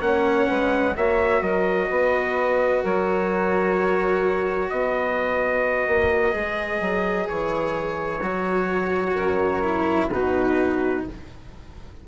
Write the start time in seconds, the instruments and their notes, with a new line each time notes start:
0.00 bassoon A#3, cello C#4, saxophone C#5, trumpet F#5
0.47 bassoon G#3, saxophone B4
0.95 bassoon A#3, cello F#4, saxophone C#5, trumpet E5
1.40 bassoon F#3, saxophone A#4, trumpet D#5
1.90 bassoon B3, saxophone B4
2.82 bassoon F#3, saxophone A#4, trumpet C#5
4.70 bassoon B3, saxophone B4, trumpet D#5
5.87 bassoon A#3
6.31 bassoon G#3, cello G#4
6.80 bassoon F#3
7.29 bassoon E3, trumpet C#5
8.21 bassoon F#3, cello F#4
9.14 bassoon F#2, saxophone A#4
9.63 cello E4
10.10 bassoon B2, cello D#4, saxophone F#4, trumpet B4